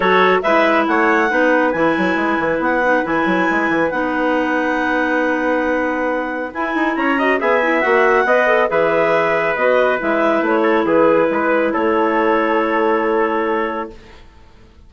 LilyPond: <<
  \new Staff \with { instrumentName = "clarinet" } { \time 4/4 \tempo 4 = 138 cis''4 e''4 fis''2 | gis''2 fis''4 gis''4~ | gis''4 fis''2.~ | fis''2. gis''4 |
ais''4 gis''4 fis''2 | e''2 dis''4 e''4 | cis''4 b'2 cis''4~ | cis''1 | }
  \new Staff \with { instrumentName = "trumpet" } { \time 4/4 a'4 b'4 cis''4 b'4~ | b'1~ | b'1~ | b'1 |
cis''8 dis''8 e''2 dis''4 | b'1~ | b'8 a'8 gis'4 b'4 a'4~ | a'1 | }
  \new Staff \with { instrumentName = "clarinet" } { \time 4/4 fis'4 e'2 dis'4 | e'2~ e'8 dis'8 e'4~ | e'4 dis'2.~ | dis'2. e'4~ |
e'8 fis'8 gis'8 e'8 fis'4 b'8 a'8 | gis'2 fis'4 e'4~ | e'1~ | e'1 | }
  \new Staff \with { instrumentName = "bassoon" } { \time 4/4 fis4 gis4 a4 b4 | e8 fis8 gis8 e8 b4 e8 fis8 | gis8 e8 b2.~ | b2. e'8 dis'8 |
cis'4 b4 ais4 b4 | e2 b4 gis4 | a4 e4 gis4 a4~ | a1 | }
>>